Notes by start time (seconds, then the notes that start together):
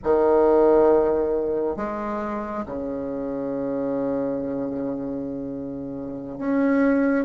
0.03 D#3
1.76 G#3
2.66 C#3
6.38 C#4